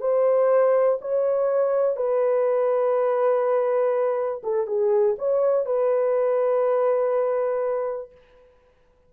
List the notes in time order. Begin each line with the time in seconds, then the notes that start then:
0.00 C5
1.01 C#5
1.96 B4
4.43 A4
4.67 G#4
5.18 C#5
5.66 B4